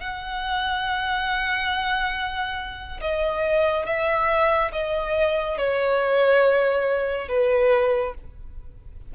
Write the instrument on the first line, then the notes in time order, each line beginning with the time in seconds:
violin
0.00 F#5
3.01 D#5
3.86 E5
4.72 D#5
5.58 C#5
7.29 B4